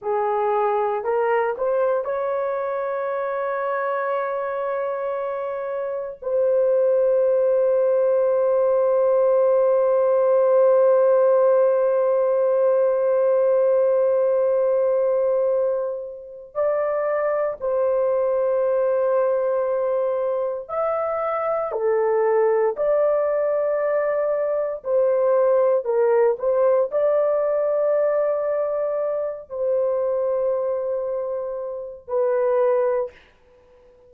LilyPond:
\new Staff \with { instrumentName = "horn" } { \time 4/4 \tempo 4 = 58 gis'4 ais'8 c''8 cis''2~ | cis''2 c''2~ | c''1~ | c''1 |
d''4 c''2. | e''4 a'4 d''2 | c''4 ais'8 c''8 d''2~ | d''8 c''2~ c''8 b'4 | }